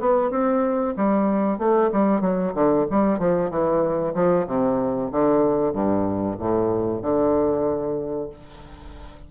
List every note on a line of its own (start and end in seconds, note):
0.00 0.31 B3
0.31 0.95 C4
0.97 1.59 G3
1.59 1.91 A3
1.92 2.21 G3
2.21 2.53 F#3
2.54 2.86 D3
2.91 3.19 G3
3.19 3.50 F3
3.50 4.14 E3
4.15 4.47 F3
4.47 5.11 C3
5.12 5.73 D3
5.73 6.37 G2
6.39 7.02 A2
7.02 8.30 D3